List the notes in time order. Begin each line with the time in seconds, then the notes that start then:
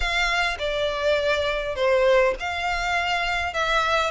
0.00 F5
0.58 D5
1.75 C5
2.39 F5
3.53 E5